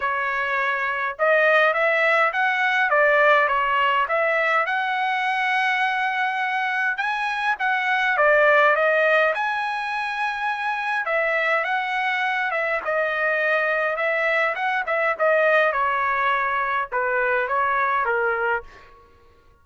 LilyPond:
\new Staff \with { instrumentName = "trumpet" } { \time 4/4 \tempo 4 = 103 cis''2 dis''4 e''4 | fis''4 d''4 cis''4 e''4 | fis''1 | gis''4 fis''4 d''4 dis''4 |
gis''2. e''4 | fis''4. e''8 dis''2 | e''4 fis''8 e''8 dis''4 cis''4~ | cis''4 b'4 cis''4 ais'4 | }